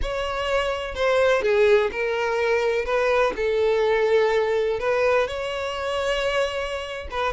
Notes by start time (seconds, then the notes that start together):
0.01 C#5
0.94 C5
1.42 G#4
1.91 A#4
2.85 B4
3.36 A4
4.79 B4
5.27 C#5
7.10 B4